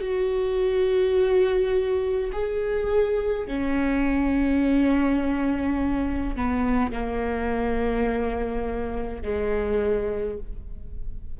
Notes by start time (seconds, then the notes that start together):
0.00 F#4
2.32 G#4
3.47 C#4
6.36 B3
6.92 A#3
9.22 G#3